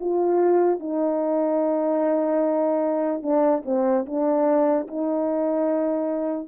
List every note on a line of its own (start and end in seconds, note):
0.00 0.79 F4
0.79 3.22 D#4
3.22 3.63 D4
3.64 4.05 C4
4.06 4.87 D4
4.87 6.48 D#4